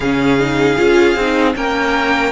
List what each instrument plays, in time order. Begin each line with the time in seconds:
0.00 cello C#3, viola C#4, violin G#4 F5
0.39 viola D#4
0.76 cello C#4, viola F4
1.15 cello C4, viola D#4
1.54 cello A#3, viola C#4, violin A#4 G5